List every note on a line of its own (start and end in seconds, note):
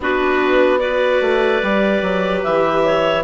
0.00 1.21 B3
0.00 0.79 D4
0.00 0.79 F#4
0.00 0.79 B4
0.79 1.60 F#4
0.79 2.82 B4
0.79 2.41 D5
1.21 1.61 A3
1.62 2.02 G3
1.62 3.23 G4
2.02 2.42 F#3
2.43 3.23 E3
2.43 3.23 E5
2.84 3.23 C#5